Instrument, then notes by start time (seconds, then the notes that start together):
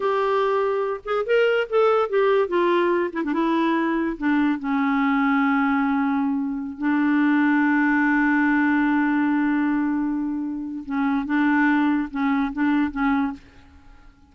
clarinet
0.00 G4
1.04 G#4
1.26 A#4
1.69 A4
2.09 G4
2.48 F4
3.12 E4
3.23 D4
3.33 E4
4.17 D4
4.59 C#4
6.77 D4
10.85 C#4
11.25 D4
12.10 C#4
12.52 D4
12.91 C#4